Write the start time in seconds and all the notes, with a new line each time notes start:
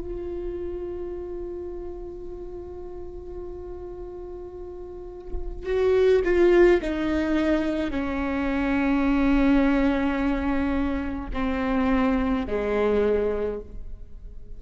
0.00 F4
5.66 F#4
6.24 F4
6.82 D#4
7.91 C#4
11.33 C4
12.47 G#3